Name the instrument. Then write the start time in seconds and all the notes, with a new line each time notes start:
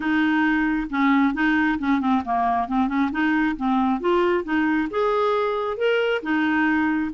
clarinet
0.00 D#4
0.89 C#4
1.34 D#4
1.78 C#4
2.00 C4
2.24 A#3
2.68 C4
2.88 C#4
3.11 D#4
3.56 C4
4.00 F4
4.44 D#4
4.90 G#4
5.77 A#4
6.22 D#4